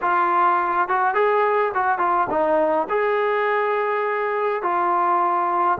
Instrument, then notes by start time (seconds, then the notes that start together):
trombone
0.01 F4
0.88 F#4
1.14 G#4
1.74 F#4
1.98 F4
2.29 D#4
2.89 G#4
4.62 F4